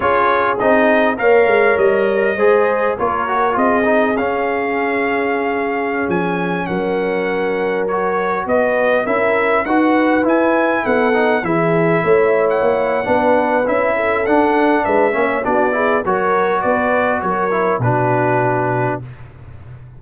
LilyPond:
<<
  \new Staff \with { instrumentName = "trumpet" } { \time 4/4 \tempo 4 = 101 cis''4 dis''4 f''4 dis''4~ | dis''4 cis''4 dis''4 f''4~ | f''2~ f''16 gis''4 fis''8.~ | fis''4~ fis''16 cis''4 dis''4 e''8.~ |
e''16 fis''4 gis''4 fis''4 e''8.~ | e''4 fis''2 e''4 | fis''4 e''4 d''4 cis''4 | d''4 cis''4 b'2 | }
  \new Staff \with { instrumentName = "horn" } { \time 4/4 gis'2 cis''2 | c''4 ais'4 gis'2~ | gis'2.~ gis'16 ais'8.~ | ais'2~ ais'16 b'4 ais'8.~ |
ais'16 b'2 a'4 gis'8.~ | gis'16 cis''4.~ cis''16 b'4. a'8~ | a'4 b'8 cis''8 fis'8 gis'8 ais'4 | b'4 ais'4 fis'2 | }
  \new Staff \with { instrumentName = "trombone" } { \time 4/4 f'4 dis'4 ais'2 | gis'4 f'8 fis'8 f'8 dis'8 cis'4~ | cis'1~ | cis'4~ cis'16 fis'2 e'8.~ |
e'16 fis'4 e'4. dis'8 e'8.~ | e'2 d'4 e'4 | d'4. cis'8 d'8 e'8 fis'4~ | fis'4. e'8 d'2 | }
  \new Staff \with { instrumentName = "tuba" } { \time 4/4 cis'4 c'4 ais8 gis8 g4 | gis4 ais4 c'4 cis'4~ | cis'2~ cis'16 f4 fis8.~ | fis2~ fis16 b4 cis'8.~ |
cis'16 dis'4 e'4 b4 e8.~ | e16 a4 ais8. b4 cis'4 | d'4 gis8 ais8 b4 fis4 | b4 fis4 b,2 | }
>>